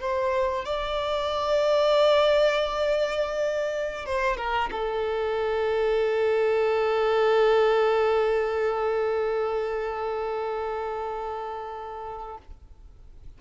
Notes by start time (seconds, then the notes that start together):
0.00 C5
0.65 D5
4.06 C5
4.37 A#4
4.71 A4